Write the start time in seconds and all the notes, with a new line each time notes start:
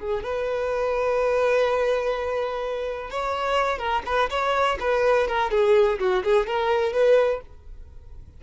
0.00 G#4
0.24 B4
3.11 C#5
3.79 A#4
4.06 B4
4.30 C#5
4.80 B4
5.28 A#4
5.51 G#4
5.99 F#4
6.24 G#4
6.47 A#4
6.93 B4